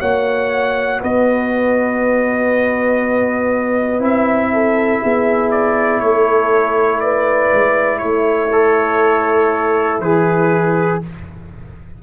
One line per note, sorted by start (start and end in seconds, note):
0.00 1.02 A#3
0.00 3.99 F#4
0.00 1.00 C#5
0.00 1.01 F#5
1.01 4.00 B3
1.01 4.51 B4
1.01 4.04 D#5
3.99 5.00 C4
3.99 8.49 E4
3.99 5.52 E5
4.53 5.03 A4
5.03 6.01 B3
5.03 6.03 G#4
5.52 6.01 D5
6.01 7.51 A3
6.01 7.02 A4
6.01 7.01 C#5
7.01 8.00 B4
7.01 7.99 D5
7.54 8.03 G#3
7.99 10.00 A3
7.99 11.00 E4
7.99 9.99 C#5
8.53 10.03 A4
10.00 11.00 E3
10.00 11.03 G#4
10.00 11.02 B4